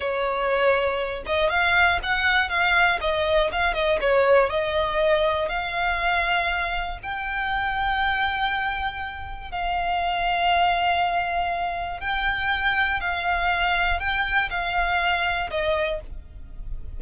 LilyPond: \new Staff \with { instrumentName = "violin" } { \time 4/4 \tempo 4 = 120 cis''2~ cis''8 dis''8 f''4 | fis''4 f''4 dis''4 f''8 dis''8 | cis''4 dis''2 f''4~ | f''2 g''2~ |
g''2. f''4~ | f''1 | g''2 f''2 | g''4 f''2 dis''4 | }